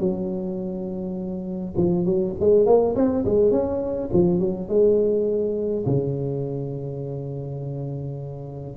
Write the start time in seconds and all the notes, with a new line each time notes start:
0.00 F#3
1.77 F3
2.05 F#3
2.40 G#3
2.66 A#3
2.96 C4
3.26 G#3
3.51 C#4
4.13 F3
4.40 F#3
4.69 G#3
5.86 C#3